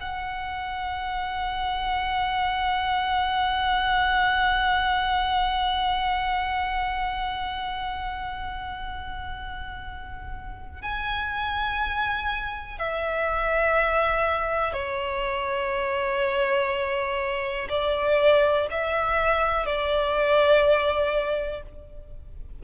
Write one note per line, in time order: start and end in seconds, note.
0.00 10.82 F#5
10.82 12.78 G#5
12.78 14.73 E5
14.73 17.68 C#5
17.69 18.67 D5
18.70 19.65 E5
19.65 21.62 D5